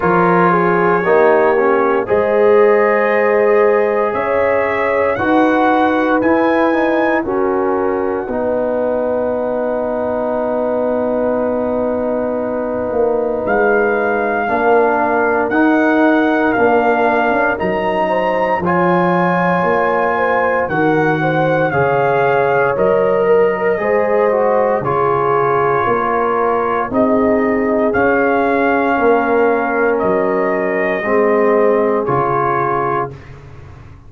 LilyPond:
<<
  \new Staff \with { instrumentName = "trumpet" } { \time 4/4 \tempo 4 = 58 cis''2 dis''2 | e''4 fis''4 gis''4 fis''4~ | fis''1~ | fis''4 f''2 fis''4 |
f''4 ais''4 gis''2 | fis''4 f''4 dis''2 | cis''2 dis''4 f''4~ | f''4 dis''2 cis''4 | }
  \new Staff \with { instrumentName = "horn" } { \time 4/4 ais'8 gis'8 g'4 c''2 | cis''4 b'2 ais'4 | b'1~ | b'2 ais'2~ |
ais'4. c''8 cis''4. c''8 | ais'8 c''8 cis''4. ais'8 c''4 | gis'4 ais'4 gis'2 | ais'2 gis'2 | }
  \new Staff \with { instrumentName = "trombone" } { \time 4/4 f'4 dis'8 cis'8 gis'2~ | gis'4 fis'4 e'8 dis'8 cis'4 | dis'1~ | dis'2 d'4 dis'4 |
d'4 dis'4 f'2 | fis'4 gis'4 ais'4 gis'8 fis'8 | f'2 dis'4 cis'4~ | cis'2 c'4 f'4 | }
  \new Staff \with { instrumentName = "tuba" } { \time 4/4 f4 ais4 gis2 | cis'4 dis'4 e'4 fis'4 | b1~ | b8 ais8 gis4 ais4 dis'4 |
ais8. cis'16 fis4 f4 ais4 | dis4 cis4 fis4 gis4 | cis4 ais4 c'4 cis'4 | ais4 fis4 gis4 cis4 | }
>>